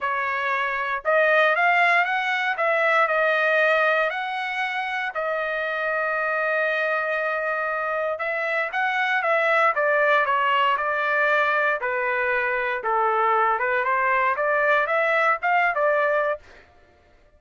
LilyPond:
\new Staff \with { instrumentName = "trumpet" } { \time 4/4 \tempo 4 = 117 cis''2 dis''4 f''4 | fis''4 e''4 dis''2 | fis''2 dis''2~ | dis''1 |
e''4 fis''4 e''4 d''4 | cis''4 d''2 b'4~ | b'4 a'4. b'8 c''4 | d''4 e''4 f''8. d''4~ d''16 | }